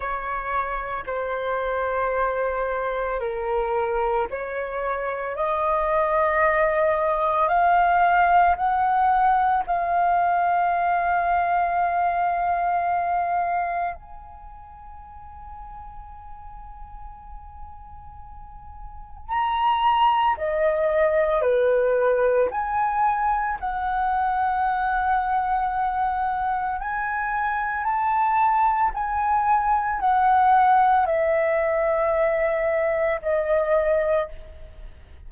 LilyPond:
\new Staff \with { instrumentName = "flute" } { \time 4/4 \tempo 4 = 56 cis''4 c''2 ais'4 | cis''4 dis''2 f''4 | fis''4 f''2.~ | f''4 gis''2.~ |
gis''2 ais''4 dis''4 | b'4 gis''4 fis''2~ | fis''4 gis''4 a''4 gis''4 | fis''4 e''2 dis''4 | }